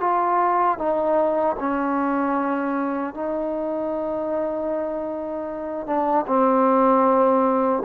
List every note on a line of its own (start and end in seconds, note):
0.00 0.78 F4
0.78 1.56 D#4
1.59 3.14 C#4
3.14 5.86 D#4
5.86 6.25 D4
6.27 7.83 C4